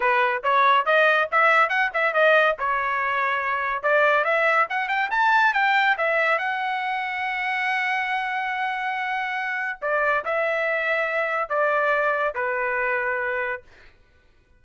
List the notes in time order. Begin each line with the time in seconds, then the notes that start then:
0.00 B4
0.43 C#5
0.85 D#5
1.31 E5
1.69 F#5
1.93 E5
2.13 D#5
2.58 C#5
3.82 D5
4.24 E5
4.69 F#5
4.88 G5
5.10 A5
5.53 G5
5.97 E5
6.38 F#5
9.81 D5
10.24 E5
11.49 D5
12.34 B4